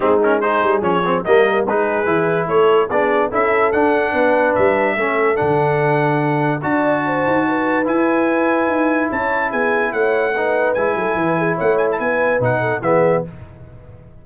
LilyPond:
<<
  \new Staff \with { instrumentName = "trumpet" } { \time 4/4 \tempo 4 = 145 gis'8 ais'8 c''4 cis''4 dis''4 | b'2 cis''4 d''4 | e''4 fis''2 e''4~ | e''4 fis''2. |
a''2. gis''4~ | gis''2 a''4 gis''4 | fis''2 gis''2 | fis''8 gis''16 a''16 gis''4 fis''4 e''4 | }
  \new Staff \with { instrumentName = "horn" } { \time 4/4 dis'4 gis'2 ais'4 | gis'2 a'4 gis'4 | a'2 b'2 | a'1 |
d''4 c''4 b'2~ | b'2 cis''4 gis'4 | cis''4 b'4. a'8 b'8 gis'8 | cis''4 b'4. a'8 gis'4 | }
  \new Staff \with { instrumentName = "trombone" } { \time 4/4 c'8 cis'8 dis'4 cis'8 c'8 ais4 | dis'4 e'2 d'4 | e'4 d'2. | cis'4 d'2. |
fis'2. e'4~ | e'1~ | e'4 dis'4 e'2~ | e'2 dis'4 b4 | }
  \new Staff \with { instrumentName = "tuba" } { \time 4/4 gis4. g8 f4 g4 | gis4 e4 a4 b4 | cis'4 d'4 b4 g4 | a4 d2. |
d'4. dis'4. e'4~ | e'4 dis'4 cis'4 b4 | a2 gis8 fis8 e4 | a4 b4 b,4 e4 | }
>>